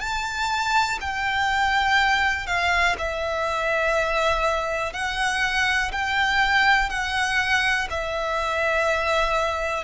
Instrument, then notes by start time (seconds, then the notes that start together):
violin
0.00 A5
1.00 G5
2.46 F5
2.98 E5
4.93 F#5
5.92 G5
6.89 F#5
7.90 E5